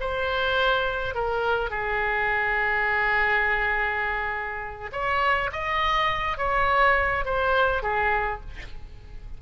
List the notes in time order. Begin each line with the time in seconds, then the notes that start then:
0.00 C5
1.14 A#4
1.70 G#4
4.92 C#5
5.52 D#5
6.37 C#5
7.25 C5
7.82 G#4